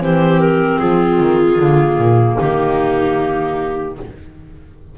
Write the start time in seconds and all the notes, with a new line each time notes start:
0.00 E3 C4 G4 C5
0.39 A#4
0.78 F3 F4 G#4
1.19 D#3
1.59 D3 A#3
1.97 A#2
2.37 D#3 D#4 G4